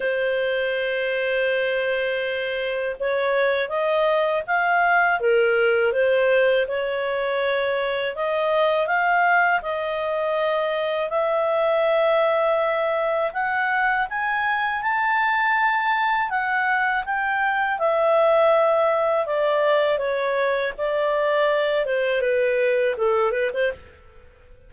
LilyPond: \new Staff \with { instrumentName = "clarinet" } { \time 4/4 \tempo 4 = 81 c''1 | cis''4 dis''4 f''4 ais'4 | c''4 cis''2 dis''4 | f''4 dis''2 e''4~ |
e''2 fis''4 gis''4 | a''2 fis''4 g''4 | e''2 d''4 cis''4 | d''4. c''8 b'4 a'8 b'16 c''16 | }